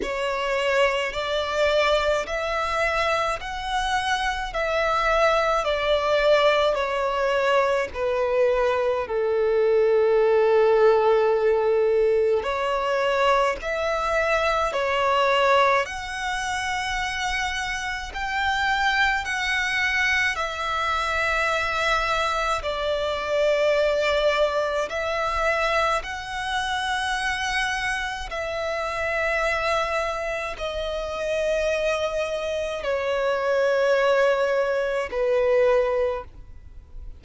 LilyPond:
\new Staff \with { instrumentName = "violin" } { \time 4/4 \tempo 4 = 53 cis''4 d''4 e''4 fis''4 | e''4 d''4 cis''4 b'4 | a'2. cis''4 | e''4 cis''4 fis''2 |
g''4 fis''4 e''2 | d''2 e''4 fis''4~ | fis''4 e''2 dis''4~ | dis''4 cis''2 b'4 | }